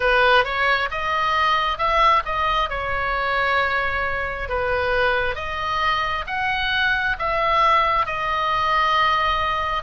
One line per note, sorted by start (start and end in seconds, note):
0.00 0.44 B4
0.44 0.89 C#5
0.90 1.77 D#5
1.77 2.22 E5
2.25 2.69 D#5
2.69 4.48 C#5
4.48 5.35 B4
5.35 6.24 D#5
6.26 7.16 F#5
7.18 8.06 E5
8.06 9.83 D#5